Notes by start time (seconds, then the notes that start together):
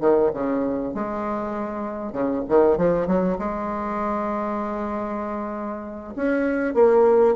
0.00 D#3
0.33 C#3
0.94 G#3
2.12 C#3
2.48 D#3
2.77 F3
3.06 F#3
3.38 G#3
6.16 C#4
6.74 A#3